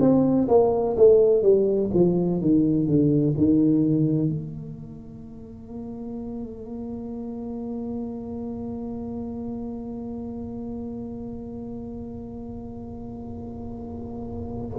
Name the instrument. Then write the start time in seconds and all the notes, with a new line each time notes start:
tuba
0.00 C4
0.48 A#3
0.97 A3
1.42 G3
1.94 F3
2.41 D#3
2.87 D3
3.37 D#3
4.29 A#3